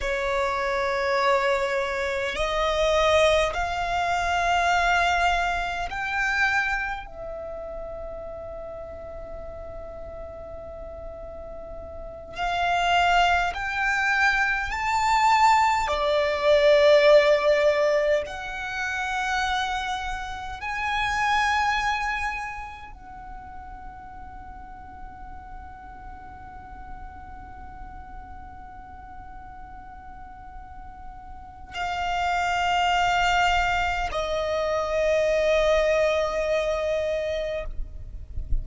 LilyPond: \new Staff \with { instrumentName = "violin" } { \time 4/4 \tempo 4 = 51 cis''2 dis''4 f''4~ | f''4 g''4 e''2~ | e''2~ e''8 f''4 g''8~ | g''8 a''4 d''2 fis''8~ |
fis''4. gis''2 fis''8~ | fis''1~ | fis''2. f''4~ | f''4 dis''2. | }